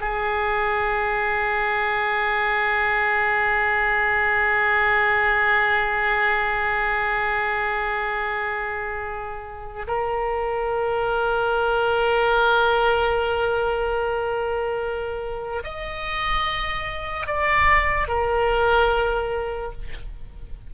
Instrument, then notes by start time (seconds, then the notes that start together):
oboe
0.00 G#4
9.87 A#4
15.64 D#5
17.26 D5
18.07 A#4